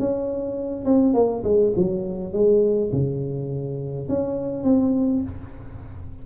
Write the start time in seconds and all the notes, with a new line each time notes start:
0.00 C#4
0.86 C4
1.14 A#3
1.44 G#3
1.77 F#3
2.34 G#3
2.93 C#3
4.09 C#4
4.64 C4